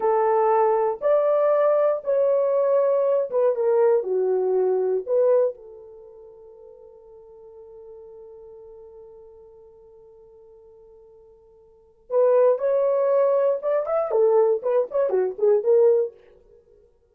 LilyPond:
\new Staff \with { instrumentName = "horn" } { \time 4/4 \tempo 4 = 119 a'2 d''2 | cis''2~ cis''8 b'8 ais'4 | fis'2 b'4 a'4~ | a'1~ |
a'1~ | a'1 | b'4 cis''2 d''8 e''8 | a'4 b'8 cis''8 fis'8 gis'8 ais'4 | }